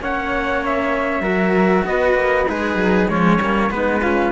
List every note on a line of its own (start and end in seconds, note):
0.00 1.20 A#3
0.00 1.22 C#4
0.00 1.22 C#5
0.00 0.65 F#5
0.65 1.86 E5
1.20 1.82 F#3
1.20 2.46 F#4
1.20 1.84 A#4
1.86 2.14 B3
1.86 2.48 B4
1.86 2.48 D#5
2.14 2.45 A#3
2.48 2.75 G#3
2.48 3.10 D#4
2.48 3.08 G#4
2.48 3.09 B4
2.75 3.06 F#3
3.08 3.38 F3
3.08 3.39 G#3
3.08 3.72 C#4
3.08 3.71 C#5
3.38 3.69 G3
3.38 3.70 A#3
3.70 4.32 G#3
3.70 4.01 B3
3.70 4.02 D#4
3.70 4.32 B4
4.02 4.32 C#4
4.02 4.32 F4